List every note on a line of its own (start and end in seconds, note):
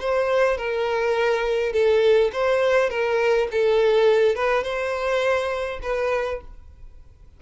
0.00 0.57 C5
0.57 1.73 A#4
1.73 2.31 A4
2.33 2.90 C5
2.90 3.48 A#4
3.52 4.36 A4
4.36 4.64 B4
4.64 5.80 C5
5.83 6.41 B4